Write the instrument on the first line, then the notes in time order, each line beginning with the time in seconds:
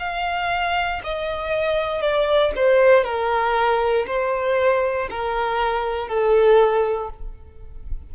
violin
0.00 F5
1.04 D#5
2.02 D5
2.56 C5
3.04 A#4
4.07 C5
5.10 A#4
6.08 A4